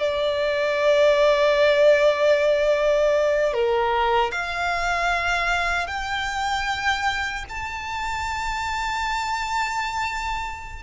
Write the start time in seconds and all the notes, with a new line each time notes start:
0.00 D5
3.53 A#4
4.32 F5
5.87 G5
7.49 A5